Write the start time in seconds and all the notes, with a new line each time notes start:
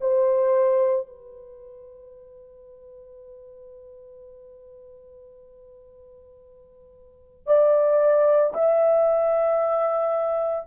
0.00 C5
1.06 B4
7.46 D5
8.53 E5